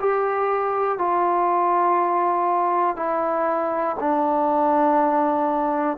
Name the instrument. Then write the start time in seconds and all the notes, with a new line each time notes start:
trombone
0.00 G4
0.99 F4
2.96 E4
4.00 D4